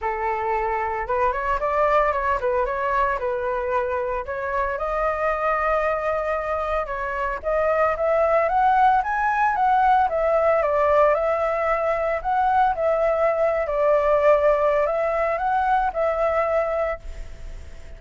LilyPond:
\new Staff \with { instrumentName = "flute" } { \time 4/4 \tempo 4 = 113 a'2 b'8 cis''8 d''4 | cis''8 b'8 cis''4 b'2 | cis''4 dis''2.~ | dis''4 cis''4 dis''4 e''4 |
fis''4 gis''4 fis''4 e''4 | d''4 e''2 fis''4 | e''4.~ e''16 d''2~ d''16 | e''4 fis''4 e''2 | }